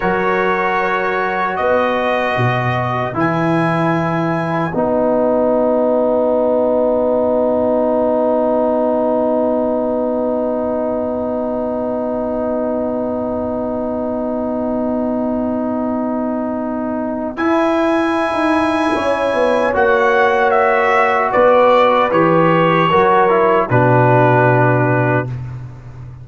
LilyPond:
<<
  \new Staff \with { instrumentName = "trumpet" } { \time 4/4 \tempo 4 = 76 cis''2 dis''2 | gis''2 fis''2~ | fis''1~ | fis''1~ |
fis''1~ | fis''2 gis''2~ | gis''4 fis''4 e''4 d''4 | cis''2 b'2 | }
  \new Staff \with { instrumentName = "horn" } { \time 4/4 ais'2 b'2~ | b'1~ | b'1~ | b'1~ |
b'1~ | b'1 | cis''2. b'4~ | b'4 ais'4 fis'2 | }
  \new Staff \with { instrumentName = "trombone" } { \time 4/4 fis'1 | e'2 dis'2~ | dis'1~ | dis'1~ |
dis'1~ | dis'2 e'2~ | e'4 fis'2. | g'4 fis'8 e'8 d'2 | }
  \new Staff \with { instrumentName = "tuba" } { \time 4/4 fis2 b4 b,4 | e2 b2~ | b1~ | b1~ |
b1~ | b2 e'4~ e'16 dis'8. | cis'8 b8 ais2 b4 | e4 fis4 b,2 | }
>>